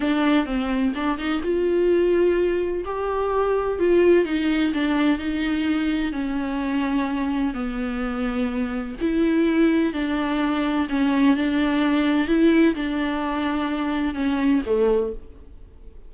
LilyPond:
\new Staff \with { instrumentName = "viola" } { \time 4/4 \tempo 4 = 127 d'4 c'4 d'8 dis'8 f'4~ | f'2 g'2 | f'4 dis'4 d'4 dis'4~ | dis'4 cis'2. |
b2. e'4~ | e'4 d'2 cis'4 | d'2 e'4 d'4~ | d'2 cis'4 a4 | }